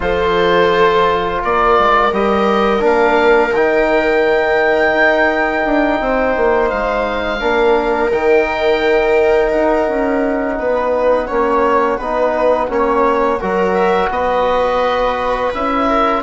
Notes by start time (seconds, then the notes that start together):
0.00 F3 F4 A4 C5
1.42 A#3 A#4 D5
1.78 G#3
2.12 G3 G4 D#5
2.79 A#3 D4 F5
3.51 D#3 D#4 G5
4.93 D#4
5.65 D4
6.00 C4 C5
6.36 A#3
6.69 G#3 F5
7.39 A#3 D4 A#4
8.10 D#3 D#4 G5
9.51 D#4 F#5
9.88 C#4
10.59 B3 B4
11.27 A#3 C#4 C#5
11.97 B3 D#4 B4
12.68 A#3 C#4 C#5
13.39 F#3 F#4 A#4
13.74 E5
14.10 B3 B4 D#5
15.54 C#4 E4 E5
15.88 A#4